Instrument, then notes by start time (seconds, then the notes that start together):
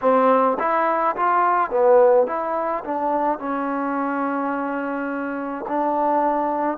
trombone
0.01 C4
0.59 E4
1.16 F4
1.70 B3
2.26 E4
2.84 D4
3.38 C#4
5.68 D4